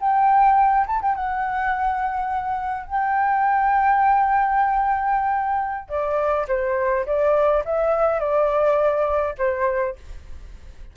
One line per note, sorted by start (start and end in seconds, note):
0.00 0.87 G5
0.87 1.01 A5
1.02 1.15 G5
1.15 2.87 F#5
2.87 5.89 G5
5.89 6.47 D5
6.48 7.06 C5
7.06 7.64 D5
7.65 8.20 E5
8.20 9.35 D5
9.38 9.96 C5